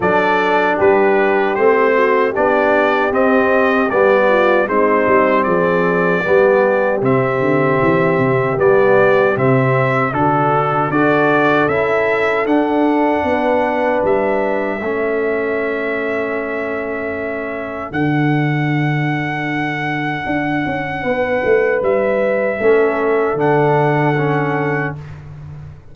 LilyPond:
<<
  \new Staff \with { instrumentName = "trumpet" } { \time 4/4 \tempo 4 = 77 d''4 b'4 c''4 d''4 | dis''4 d''4 c''4 d''4~ | d''4 e''2 d''4 | e''4 a'4 d''4 e''4 |
fis''2 e''2~ | e''2. fis''4~ | fis''1 | e''2 fis''2 | }
  \new Staff \with { instrumentName = "horn" } { \time 4/4 a'4 g'4. fis'8 g'4~ | g'4. f'8 dis'4 gis'4 | g'1~ | g'4 fis'4 a'2~ |
a'4 b'2 a'4~ | a'1~ | a'2. b'4~ | b'4 a'2. | }
  \new Staff \with { instrumentName = "trombone" } { \time 4/4 d'2 c'4 d'4 | c'4 b4 c'2 | b4 c'2 b4 | c'4 d'4 fis'4 e'4 |
d'2. cis'4~ | cis'2. d'4~ | d'1~ | d'4 cis'4 d'4 cis'4 | }
  \new Staff \with { instrumentName = "tuba" } { \time 4/4 fis4 g4 a4 b4 | c'4 g4 gis8 g8 f4 | g4 c8 d8 e8 c8 g4 | c4 d4 d'4 cis'4 |
d'4 b4 g4 a4~ | a2. d4~ | d2 d'8 cis'8 b8 a8 | g4 a4 d2 | }
>>